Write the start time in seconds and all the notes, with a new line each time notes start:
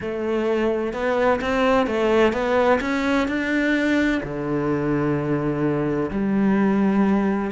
0.00 A3
0.93 B3
1.41 C4
1.86 A3
2.32 B3
2.81 C#4
3.27 D4
4.23 D3
6.10 G3